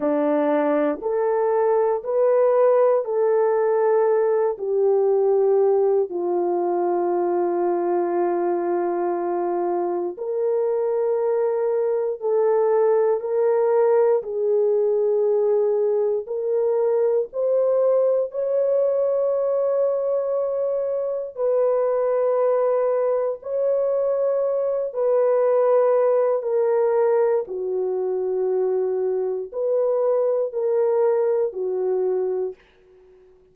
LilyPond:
\new Staff \with { instrumentName = "horn" } { \time 4/4 \tempo 4 = 59 d'4 a'4 b'4 a'4~ | a'8 g'4. f'2~ | f'2 ais'2 | a'4 ais'4 gis'2 |
ais'4 c''4 cis''2~ | cis''4 b'2 cis''4~ | cis''8 b'4. ais'4 fis'4~ | fis'4 b'4 ais'4 fis'4 | }